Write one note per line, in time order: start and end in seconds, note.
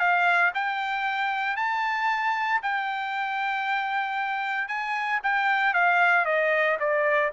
0.00 0.52 F5
0.55 1.57 G5
1.57 2.61 A5
2.63 4.69 G5
4.69 5.21 G#5
5.24 5.74 G5
5.74 6.26 F5
6.26 6.78 D#5
6.80 7.32 D5